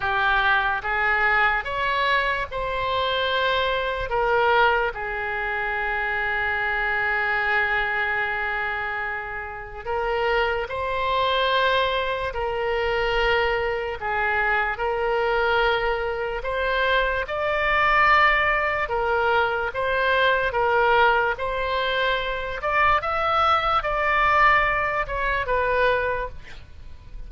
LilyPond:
\new Staff \with { instrumentName = "oboe" } { \time 4/4 \tempo 4 = 73 g'4 gis'4 cis''4 c''4~ | c''4 ais'4 gis'2~ | gis'1 | ais'4 c''2 ais'4~ |
ais'4 gis'4 ais'2 | c''4 d''2 ais'4 | c''4 ais'4 c''4. d''8 | e''4 d''4. cis''8 b'4 | }